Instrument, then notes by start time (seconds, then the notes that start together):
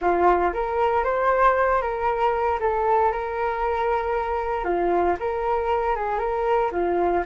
flute
0.01 F4
0.53 A#4
1.03 C5
1.81 A#4
2.60 A4
3.12 A#4
4.64 F4
5.19 A#4
5.95 G#4
6.19 A#4
6.71 F4